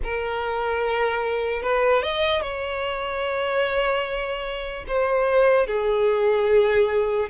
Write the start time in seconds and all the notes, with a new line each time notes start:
0.03 A#4
1.62 B4
2.02 D#5
2.41 C#5
4.87 C5
5.66 G#4